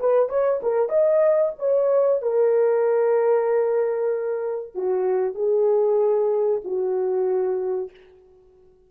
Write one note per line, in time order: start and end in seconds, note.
0.00 0.29 B4
0.29 0.61 C#5
0.63 0.90 A#4
0.90 1.53 D#5
1.59 2.22 C#5
2.22 4.75 A#4
4.75 5.35 F#4
5.35 6.61 G#4
6.65 7.91 F#4